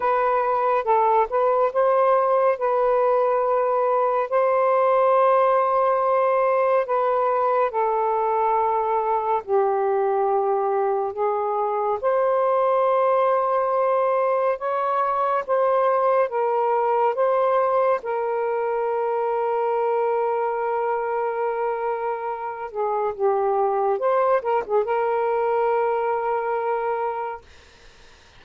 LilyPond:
\new Staff \with { instrumentName = "saxophone" } { \time 4/4 \tempo 4 = 70 b'4 a'8 b'8 c''4 b'4~ | b'4 c''2. | b'4 a'2 g'4~ | g'4 gis'4 c''2~ |
c''4 cis''4 c''4 ais'4 | c''4 ais'2.~ | ais'2~ ais'8 gis'8 g'4 | c''8 ais'16 gis'16 ais'2. | }